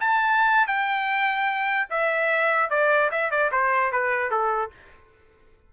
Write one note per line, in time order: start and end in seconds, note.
0.00 0.68 A5
0.68 1.88 G5
1.90 2.70 E5
2.70 3.10 D5
3.11 3.31 E5
3.31 3.51 D5
3.52 3.92 C5
3.92 4.31 B4
4.31 4.71 A4